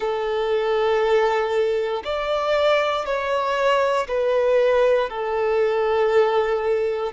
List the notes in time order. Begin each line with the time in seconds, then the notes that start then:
0.00 A4
2.04 D5
3.05 C#5
4.08 B4
5.09 A4